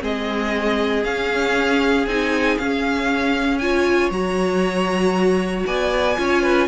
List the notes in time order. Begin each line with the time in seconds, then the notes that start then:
0.00 G#3 C4 G#4 D#5
1.04 C#4 F5
2.07 C4 D#4 G#5
2.58 C#4 F5
3.58 F4 C#5 G#5
4.11 F#3 F#4 A#5
5.66 B3 D5 G#5
6.17 C#4 F4 C#5
6.43 B4